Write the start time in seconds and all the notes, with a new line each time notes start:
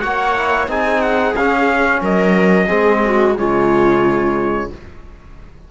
0.00 A#3 F#4 C#5 F#5
0.35 E4
0.68 C4 D#4 G#4 G#5
1.02 F#5
1.36 C#4 F5
2.02 F#3 A#4 D#5
2.66 G#3 C4 G#4
3.05 F#4
3.37 C#3 G#3 F4 C#5